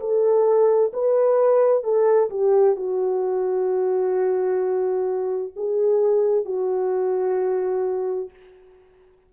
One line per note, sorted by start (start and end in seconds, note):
0.00 0.92 A4
0.93 1.84 B4
1.84 2.30 A4
2.30 2.76 G4
2.76 5.53 F#4
5.56 6.45 G#4
6.45 8.30 F#4